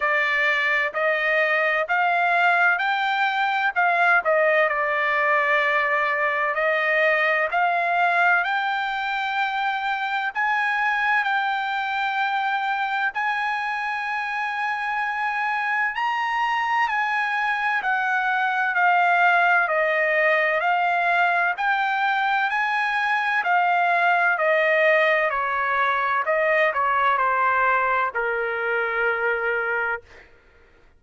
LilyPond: \new Staff \with { instrumentName = "trumpet" } { \time 4/4 \tempo 4 = 64 d''4 dis''4 f''4 g''4 | f''8 dis''8 d''2 dis''4 | f''4 g''2 gis''4 | g''2 gis''2~ |
gis''4 ais''4 gis''4 fis''4 | f''4 dis''4 f''4 g''4 | gis''4 f''4 dis''4 cis''4 | dis''8 cis''8 c''4 ais'2 | }